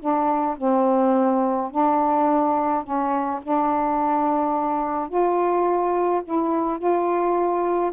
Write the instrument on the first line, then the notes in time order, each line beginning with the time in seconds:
saxophone
0.00 D4
0.58 C4
1.71 D4
2.84 C#4
3.43 D4
5.09 F4
6.25 E4
6.79 F4